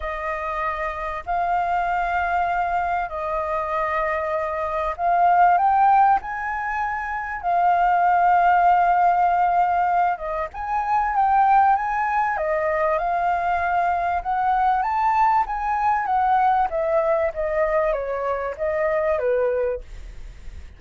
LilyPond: \new Staff \with { instrumentName = "flute" } { \time 4/4 \tempo 4 = 97 dis''2 f''2~ | f''4 dis''2. | f''4 g''4 gis''2 | f''1~ |
f''8 dis''8 gis''4 g''4 gis''4 | dis''4 f''2 fis''4 | a''4 gis''4 fis''4 e''4 | dis''4 cis''4 dis''4 b'4 | }